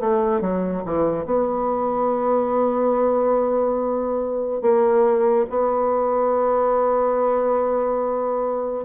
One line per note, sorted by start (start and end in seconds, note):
0.00 0.41 A3
0.41 0.83 F#3
0.85 1.26 E3
1.26 4.62 B3
4.62 5.46 A#3
5.50 8.85 B3